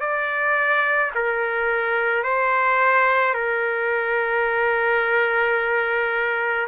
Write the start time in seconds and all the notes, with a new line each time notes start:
0.00 D5
1.15 A#4
2.23 C5
3.34 A#4